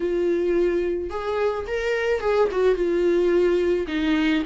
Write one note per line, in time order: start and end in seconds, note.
0.00 1.10 F4
1.10 1.65 G#4
1.67 2.20 A#4
2.20 2.48 G#4
2.51 2.75 F#4
2.75 3.86 F4
3.87 4.43 D#4